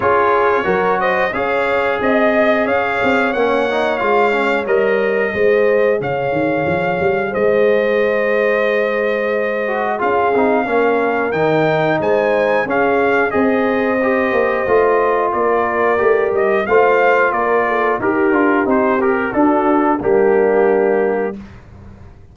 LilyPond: <<
  \new Staff \with { instrumentName = "trumpet" } { \time 4/4 \tempo 4 = 90 cis''4. dis''8 f''4 dis''4 | f''4 fis''4 f''4 dis''4~ | dis''4 f''2 dis''4~ | dis''2. f''4~ |
f''4 g''4 gis''4 f''4 | dis''2. d''4~ | d''8 dis''8 f''4 d''4 ais'4 | c''8 ais'8 a'4 g'2 | }
  \new Staff \with { instrumentName = "horn" } { \time 4/4 gis'4 ais'8 c''8 cis''4 dis''4 | cis''1 | c''4 cis''2 c''4~ | c''2. gis'4 |
ais'2 c''4 gis'4 | c''2. ais'4~ | ais'4 c''4 ais'8 a'8 g'4~ | g'4 fis'4 d'2 | }
  \new Staff \with { instrumentName = "trombone" } { \time 4/4 f'4 fis'4 gis'2~ | gis'4 cis'8 dis'8 f'8 cis'8 ais'4 | gis'1~ | gis'2~ gis'8 fis'8 f'8 dis'8 |
cis'4 dis'2 cis'4 | gis'4 g'4 f'2 | g'4 f'2 g'8 f'8 | dis'8 g'8 d'4 ais2 | }
  \new Staff \with { instrumentName = "tuba" } { \time 4/4 cis'4 fis4 cis'4 c'4 | cis'8 c'8 ais4 gis4 g4 | gis4 cis8 dis8 f8 g8 gis4~ | gis2. cis'8 c'8 |
ais4 dis4 gis4 cis'4 | c'4. ais8 a4 ais4 | a8 g8 a4 ais4 dis'8 d'8 | c'4 d'4 g2 | }
>>